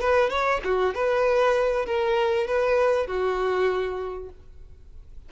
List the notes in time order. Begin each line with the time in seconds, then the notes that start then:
0.00 B4
0.29 C#5
0.64 F#4
0.94 B4
1.86 A#4
2.47 B4
3.06 F#4